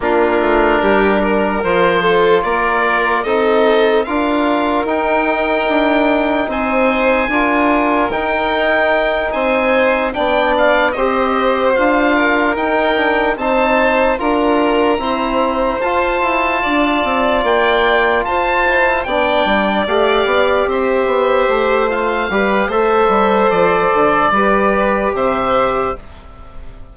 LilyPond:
<<
  \new Staff \with { instrumentName = "oboe" } { \time 4/4 \tempo 4 = 74 ais'2 c''4 d''4 | dis''4 f''4 g''2 | gis''2 g''4. gis''8~ | gis''8 g''8 f''8 dis''4 f''4 g''8~ |
g''8 a''4 ais''2 a''8~ | a''4. g''4 a''4 g''8~ | g''8 f''4 e''4. f''4 | e''4 d''2 e''4 | }
  \new Staff \with { instrumentName = "violin" } { \time 4/4 f'4 g'8 ais'4 a'8 ais'4 | a'4 ais'2. | c''4 ais'2~ ais'8 c''8~ | c''8 d''4 c''4. ais'4~ |
ais'8 c''4 ais'4 c''4.~ | c''8 d''2 c''4 d''8~ | d''4. c''2 b'8 | c''2 b'4 c''4 | }
  \new Staff \with { instrumentName = "trombone" } { \time 4/4 d'2 f'2 | dis'4 f'4 dis'2~ | dis'4 f'4 dis'2~ | dis'8 d'4 g'4 f'4 dis'8 |
d'8 dis'4 f'4 c'4 f'8~ | f'2. e'8 d'8~ | d'8 g'2~ g'8 f'8 g'8 | a'2 g'2 | }
  \new Staff \with { instrumentName = "bassoon" } { \time 4/4 ais8 a8 g4 f4 ais4 | c'4 d'4 dis'4 d'4 | c'4 d'4 dis'4. c'8~ | c'8 b4 c'4 d'4 dis'8~ |
dis'8 c'4 d'4 e'4 f'8 | e'8 d'8 c'8 ais4 f'4 b8 | g8 a8 b8 c'8 b8 a4 g8 | a8 g8 f8 d8 g4 c4 | }
>>